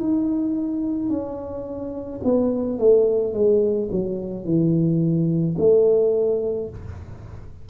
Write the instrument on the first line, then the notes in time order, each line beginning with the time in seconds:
tuba
0.00 D#4
1.10 C#4
2.24 B3
2.79 A3
3.34 G#3
3.91 F#3
4.45 E3
5.59 A3